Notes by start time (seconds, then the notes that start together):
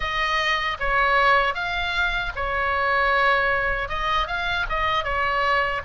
0.00 D#5
0.79 C#5
1.54 F5
2.36 C#5
3.88 D#5
4.27 F5
4.69 D#5
5.03 C#5